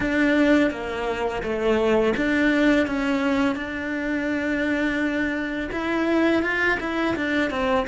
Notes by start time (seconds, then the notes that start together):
0.00 D4
0.70 A#3
1.42 A3
2.17 D4
2.86 C#4
3.55 D4
5.72 E4
6.42 F4
6.80 E4
7.16 D4
7.50 C4